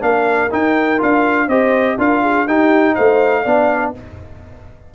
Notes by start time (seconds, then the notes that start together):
0.00 A#3 D4 A#4 F5
0.51 D#4 G5
0.98 D4 F4 F5
1.48 C4 G4 C5 D#5
1.98 D4 F4 A#4 F5
2.22 G#4
2.47 D#4 G4 G5
2.95 A3 C5 F5
3.42 B3 D4 D5